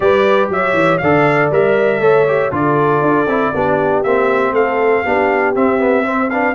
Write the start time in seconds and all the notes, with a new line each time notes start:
0.00 G3 G4 B4 D5
0.49 F#3 C#5 E5
0.73 E3
0.98 D3 A4 D5 F5
1.50 G3 A#4 E5
2.00 A3 A4 C#5
2.27 G4
2.51 D3 F4 A4 D5
3.01 D4
3.26 C4 E4
3.53 B3 D4 G4
4.03 A#3 C4 E5
4.52 A3 A4 F5
5.03 B3 D4 G4
5.55 C4 E5
5.78 B3
6.03 C4 C5
6.30 D4 B4 F5